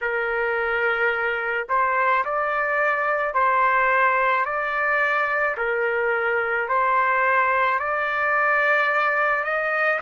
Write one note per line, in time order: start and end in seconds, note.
0.01 1.67 A#4
1.69 2.24 C5
2.25 3.34 D5
3.34 4.44 C5
4.44 5.56 D5
5.57 6.68 A#4
6.68 7.79 C5
7.79 9.44 D5
9.44 9.99 D#5